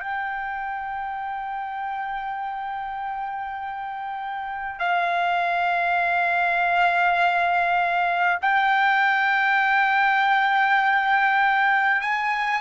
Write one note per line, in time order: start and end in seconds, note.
0.00 4.79 G5
4.79 8.39 F5
8.41 12.01 G5
12.01 12.61 G#5